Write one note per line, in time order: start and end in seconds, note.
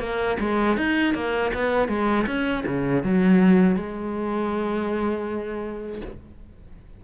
0.00 0.38 A#3
0.40 0.77 G#3
0.77 1.14 D#4
1.14 1.52 A#3
1.54 1.88 B3
1.88 2.26 G#3
2.26 2.64 C#4
2.66 3.03 C#3
3.03 3.76 F#3
3.76 6.01 G#3